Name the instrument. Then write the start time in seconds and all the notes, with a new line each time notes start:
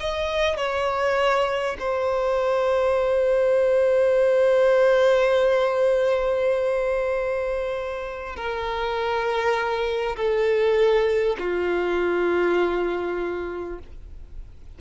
violin
0.00 D#5
0.57 C#5
1.79 C5
8.36 A#4
10.16 A4
11.39 F4